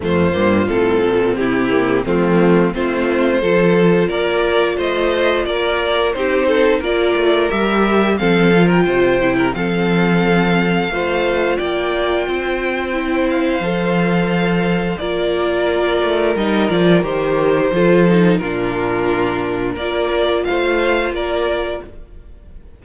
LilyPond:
<<
  \new Staff \with { instrumentName = "violin" } { \time 4/4 \tempo 4 = 88 c''4 a'4 g'4 f'4 | c''2 d''4 dis''4 | d''4 c''4 d''4 e''4 | f''8. g''4~ g''16 f''2~ |
f''4 g''2~ g''8 f''8~ | f''2 d''2 | dis''8 d''8 c''2 ais'4~ | ais'4 d''4 f''4 d''4 | }
  \new Staff \with { instrumentName = "violin" } { \time 4/4 f'2 e'4 c'4 | f'4 a'4 ais'4 c''4 | ais'4 g'8 a'8 ais'2 | a'8. ais'16 c''8. ais'16 a'2 |
c''4 d''4 c''2~ | c''2 ais'2~ | ais'2 a'4 f'4~ | f'4 ais'4 c''4 ais'4 | }
  \new Staff \with { instrumentName = "viola" } { \time 4/4 a8 ais8 c'4. ais8 a4 | c'4 f'2.~ | f'4 dis'4 f'4 g'4 | c'8 f'4 e'8 c'2 |
f'2. e'4 | a'2 f'2 | dis'8 f'8 g'4 f'8 dis'8 d'4~ | d'4 f'2. | }
  \new Staff \with { instrumentName = "cello" } { \time 4/4 f,8 g,8 a,8 ais,8 c4 f4 | a4 f4 ais4 a4 | ais4 c'4 ais8 a8 g4 | f4 c4 f2 |
a4 ais4 c'2 | f2 ais4. a8 | g8 f8 dis4 f4 ais,4~ | ais,4 ais4 a4 ais4 | }
>>